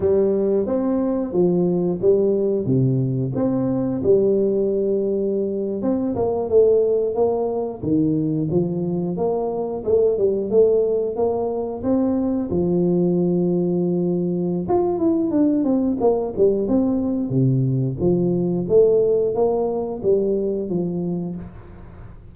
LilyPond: \new Staff \with { instrumentName = "tuba" } { \time 4/4 \tempo 4 = 90 g4 c'4 f4 g4 | c4 c'4 g2~ | g8. c'8 ais8 a4 ais4 dis16~ | dis8. f4 ais4 a8 g8 a16~ |
a8. ais4 c'4 f4~ f16~ | f2 f'8 e'8 d'8 c'8 | ais8 g8 c'4 c4 f4 | a4 ais4 g4 f4 | }